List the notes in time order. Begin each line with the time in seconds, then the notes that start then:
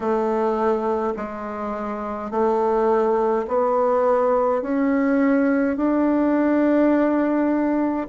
0.00 A3
1.16 G#3
2.30 A3
3.47 B3
4.62 C#4
5.76 D4